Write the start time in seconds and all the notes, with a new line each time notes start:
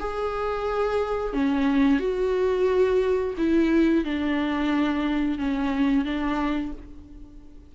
0.00 G#4
1.34 C#4
2.00 F#4
3.38 E4
4.05 D4
5.39 C#4
6.05 D4